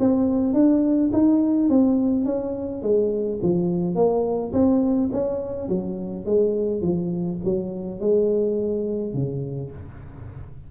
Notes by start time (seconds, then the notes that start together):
0.00 C4
0.54 D4
1.13 D#4
1.69 C4
2.26 C#4
2.83 G#3
3.43 F3
3.96 A#3
4.53 C4
5.13 C#4
5.69 F#3
6.26 G#3
6.82 F3
7.45 F#3
8.01 G#3
9.14 C#3